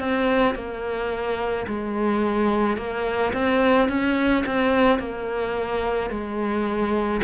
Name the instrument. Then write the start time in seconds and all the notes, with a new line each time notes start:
cello
0.00 C4
0.55 A#3
1.68 G#3
2.77 A#3
3.33 C4
3.89 C#4
4.46 C4
4.99 A#3
6.10 G#3